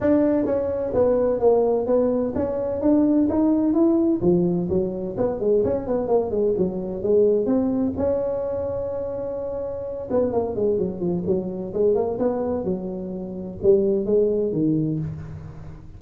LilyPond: \new Staff \with { instrumentName = "tuba" } { \time 4/4 \tempo 4 = 128 d'4 cis'4 b4 ais4 | b4 cis'4 d'4 dis'4 | e'4 f4 fis4 b8 gis8 | cis'8 b8 ais8 gis8 fis4 gis4 |
c'4 cis'2.~ | cis'4. b8 ais8 gis8 fis8 f8 | fis4 gis8 ais8 b4 fis4~ | fis4 g4 gis4 dis4 | }